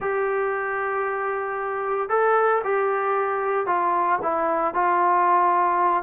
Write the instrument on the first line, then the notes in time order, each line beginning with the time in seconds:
trombone
0.00 G4
2.09 A4
2.64 G4
3.66 F4
4.22 E4
4.73 F4